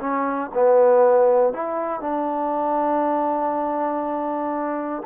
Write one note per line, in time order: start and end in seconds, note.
0.00 0.50 C#4
0.54 1.53 B3
1.53 2.00 E4
2.00 5.03 D4